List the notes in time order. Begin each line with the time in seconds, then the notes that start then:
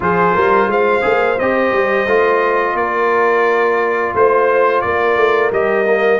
0.00 F3 F4 G#4 C5
0.34 G3 A#4
0.66 G#3 C5 F5
1.01 A#3 G#4
1.38 C4 G4 D#5
1.71 G3
2.06 A3 F4
2.74 A#3 A#4 D5
4.14 A3 C5
4.81 A#3 A#4 D5
5.16 A3
5.51 G3 G4 D#5
5.85 A#3